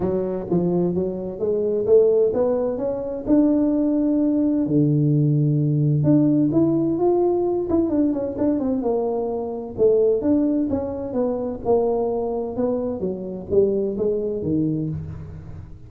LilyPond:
\new Staff \with { instrumentName = "tuba" } { \time 4/4 \tempo 4 = 129 fis4 f4 fis4 gis4 | a4 b4 cis'4 d'4~ | d'2 d2~ | d4 d'4 e'4 f'4~ |
f'8 e'8 d'8 cis'8 d'8 c'8 ais4~ | ais4 a4 d'4 cis'4 | b4 ais2 b4 | fis4 g4 gis4 dis4 | }